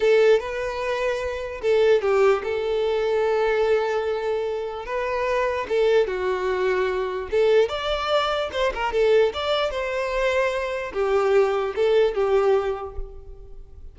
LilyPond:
\new Staff \with { instrumentName = "violin" } { \time 4/4 \tempo 4 = 148 a'4 b'2. | a'4 g'4 a'2~ | a'1 | b'2 a'4 fis'4~ |
fis'2 a'4 d''4~ | d''4 c''8 ais'8 a'4 d''4 | c''2. g'4~ | g'4 a'4 g'2 | }